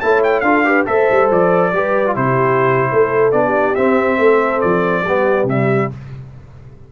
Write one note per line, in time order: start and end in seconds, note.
0.00 0.41 A3
0.00 0.44 E4
0.00 0.44 C#5
0.00 0.21 A5
0.23 0.40 G5
0.40 0.84 D4
0.40 0.64 F4
0.40 0.65 A4
0.40 0.83 F5
0.64 0.86 G4
0.64 0.87 B4
0.86 1.08 A3
0.86 1.71 A4
0.86 1.73 C5
0.86 1.29 E5
1.11 1.30 G3
1.30 1.72 F3
1.30 2.15 D5
1.72 2.15 G3
1.72 2.06 G4
1.72 2.14 B4
2.06 2.15 F4
2.14 2.91 C3
2.14 3.32 E4
2.14 2.89 G4
2.14 3.32 C5
2.91 3.32 A3
2.91 3.45 A4
3.32 3.75 B3
3.32 3.75 D4
3.32 3.74 D5
3.45 4.19 G4
3.75 5.04 C4
3.75 4.18 C4
3.75 4.60 E5
4.18 4.61 A3
4.18 5.02 A4
4.60 5.04 F3
4.60 5.46 D5
5.02 5.44 G3
5.02 5.47 B3
5.02 5.88 G4
5.44 5.86 C3
5.44 5.90 G3
5.44 5.91 E5